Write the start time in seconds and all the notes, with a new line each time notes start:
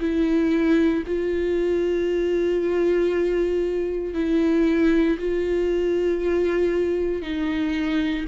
0.00 E4
1.06 F4
4.14 E4
5.18 F4
7.22 D#4